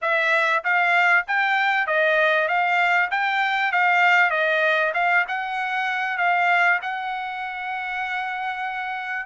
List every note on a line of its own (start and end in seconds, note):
0.01 0.63 E5
0.64 1.25 F5
1.27 1.86 G5
1.86 2.47 D#5
2.47 3.09 F5
3.11 3.72 G5
3.72 4.30 F5
4.30 4.92 D#5
4.94 5.25 F5
5.27 6.17 F#5
6.17 6.79 F5
6.82 9.26 F#5